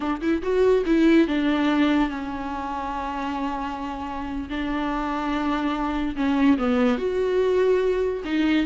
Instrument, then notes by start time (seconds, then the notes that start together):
viola
0.00 D4
0.21 E4
0.42 F#4
0.85 E4
1.27 D4
2.09 C#4
4.49 D4
6.16 C#4
6.58 B3
6.98 F#4
8.24 D#4